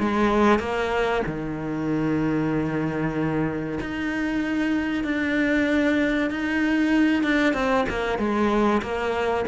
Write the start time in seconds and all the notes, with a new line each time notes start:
0.00 G#3
0.59 A#3
1.27 D#3
3.81 D#4
5.04 D4
6.31 D#4
7.24 D4
7.54 C4
7.89 A#3
8.19 G#3
8.82 A#3